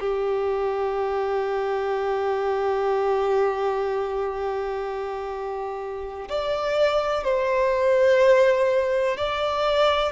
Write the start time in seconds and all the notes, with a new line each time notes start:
0.00 G4
6.29 D5
7.24 C5
9.18 D5